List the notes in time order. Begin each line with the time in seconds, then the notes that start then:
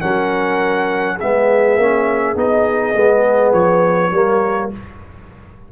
0.00 F#3 C#4 A#4 F#5
1.16 G#3 G#4 E5
1.22 B3
1.76 A#3 C#4
2.35 B3 D#4 D#5
2.95 G#3 B3
3.53 F3 C#5
4.12 G3 A#3 A#4